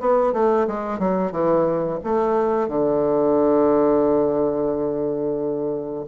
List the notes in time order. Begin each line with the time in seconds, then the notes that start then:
0.00 B3
0.33 A3
0.67 G#3
0.99 F#3
1.31 E3
2.03 A3
2.68 D3